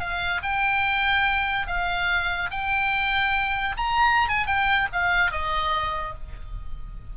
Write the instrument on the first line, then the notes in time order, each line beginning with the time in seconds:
oboe
0.00 F5
0.43 G5
1.67 F5
2.51 G5
3.77 A#5
4.29 G#5
4.47 G5
4.93 F5
5.32 D#5